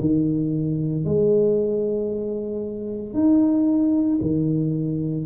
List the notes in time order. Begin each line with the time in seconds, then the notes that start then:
0.00 D#3
1.04 G#3
3.13 D#4
4.21 D#3